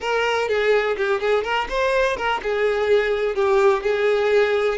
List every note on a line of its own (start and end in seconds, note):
0.00 0.48 A#4
0.48 0.96 G#4
0.97 1.20 G4
1.20 1.43 G#4
1.43 1.67 A#4
1.69 2.16 C5
2.16 2.40 A#4
2.43 3.35 G#4
3.35 3.82 G4
3.82 4.77 G#4